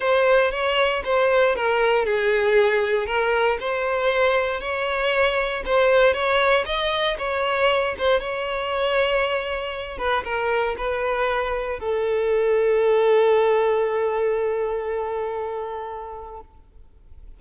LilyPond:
\new Staff \with { instrumentName = "violin" } { \time 4/4 \tempo 4 = 117 c''4 cis''4 c''4 ais'4 | gis'2 ais'4 c''4~ | c''4 cis''2 c''4 | cis''4 dis''4 cis''4. c''8 |
cis''2.~ cis''8 b'8 | ais'4 b'2 a'4~ | a'1~ | a'1 | }